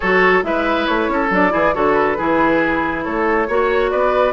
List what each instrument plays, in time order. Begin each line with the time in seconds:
0.00 bassoon F#3, clarinet F#4, oboe A4, flute C#5
0.42 bassoon G#3, clarinet E4, oboe B4, flute E5
0.87 bassoon A3, flute C#5
1.08 bassoon C#4, oboe A4
1.30 bassoon F#3, clarinet D4, flute D5
1.50 bassoon E3, clarinet E4, oboe G#4
1.73 bassoon D3, clarinet F#4, oboe A4, flute C#5
1.93 flute B4
2.17 bassoon E3, clarinet E4, oboe G#4
3.03 bassoon A3, oboe A4, flute C#5
3.47 bassoon A#3, clarinet F#4, oboe C#5
3.90 bassoon B3, oboe B4, flute D5